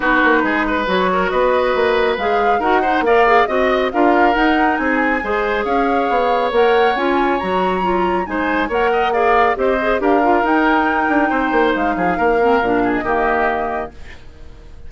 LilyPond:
<<
  \new Staff \with { instrumentName = "flute" } { \time 4/4 \tempo 4 = 138 b'2 cis''4 dis''4~ | dis''4 f''4 fis''4 f''4 | dis''4 f''4 fis''4 gis''4~ | gis''4 f''2 fis''4 |
gis''4 ais''2 gis''4 | fis''4 f''4 dis''4 f''4 | g''2. f''4~ | f''4.~ f''16 dis''2~ dis''16 | }
  \new Staff \with { instrumentName = "oboe" } { \time 4/4 fis'4 gis'8 b'4 ais'8 b'4~ | b'2 ais'8 c''8 d''4 | dis''4 ais'2 gis'4 | c''4 cis''2.~ |
cis''2. c''4 | cis''8 dis''8 d''4 c''4 ais'4~ | ais'2 c''4. gis'8 | ais'4. gis'8 g'2 | }
  \new Staff \with { instrumentName = "clarinet" } { \time 4/4 dis'2 fis'2~ | fis'4 gis'4 fis'8 dis'8 ais'8 gis'8 | fis'4 f'4 dis'2 | gis'2. ais'4 |
f'4 fis'4 f'4 dis'4 | ais'4 gis'4 g'8 gis'8 g'8 f'8 | dis'1~ | dis'8 c'8 d'4 ais2 | }
  \new Staff \with { instrumentName = "bassoon" } { \time 4/4 b8 ais8 gis4 fis4 b4 | ais4 gis4 dis'4 ais4 | c'4 d'4 dis'4 c'4 | gis4 cis'4 b4 ais4 |
cis'4 fis2 gis4 | ais2 c'4 d'4 | dis'4. d'8 c'8 ais8 gis8 f8 | ais4 ais,4 dis2 | }
>>